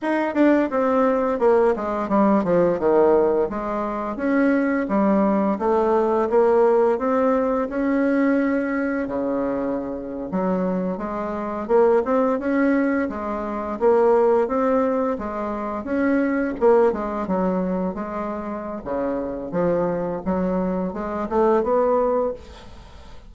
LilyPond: \new Staff \with { instrumentName = "bassoon" } { \time 4/4 \tempo 4 = 86 dis'8 d'8 c'4 ais8 gis8 g8 f8 | dis4 gis4 cis'4 g4 | a4 ais4 c'4 cis'4~ | cis'4 cis4.~ cis16 fis4 gis16~ |
gis8. ais8 c'8 cis'4 gis4 ais16~ | ais8. c'4 gis4 cis'4 ais16~ | ais16 gis8 fis4 gis4~ gis16 cis4 | f4 fis4 gis8 a8 b4 | }